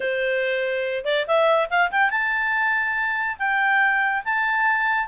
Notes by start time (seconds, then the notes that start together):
0.00 C5
1.04 D5
1.27 E5
1.69 F5
1.91 G5
2.10 A5
3.39 G5
4.24 A5